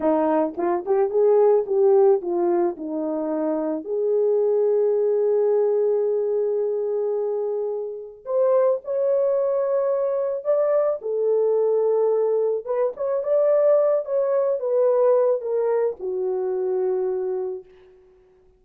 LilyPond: \new Staff \with { instrumentName = "horn" } { \time 4/4 \tempo 4 = 109 dis'4 f'8 g'8 gis'4 g'4 | f'4 dis'2 gis'4~ | gis'1~ | gis'2. c''4 |
cis''2. d''4 | a'2. b'8 cis''8 | d''4. cis''4 b'4. | ais'4 fis'2. | }